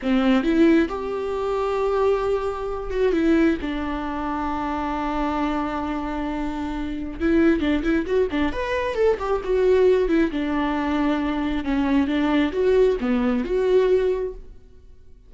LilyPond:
\new Staff \with { instrumentName = "viola" } { \time 4/4 \tempo 4 = 134 c'4 e'4 g'2~ | g'2~ g'8 fis'8 e'4 | d'1~ | d'1 |
e'4 d'8 e'8 fis'8 d'8 b'4 | a'8 g'8 fis'4. e'8 d'4~ | d'2 cis'4 d'4 | fis'4 b4 fis'2 | }